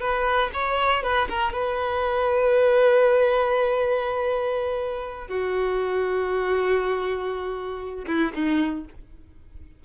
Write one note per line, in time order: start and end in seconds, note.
0.00 0.50 B4
0.53 1.03 C#5
1.03 1.28 B4
1.29 1.53 A#4
1.53 5.28 B4
5.28 8.05 F#4
8.06 8.32 E4
8.34 8.84 D#4